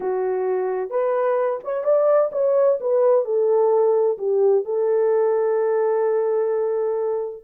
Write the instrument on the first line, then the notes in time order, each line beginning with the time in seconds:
horn
0.00 F#4
0.90 B4
1.64 C#5
1.84 D5
2.32 C#5
2.80 B4
3.24 A4
4.18 G4
4.64 A4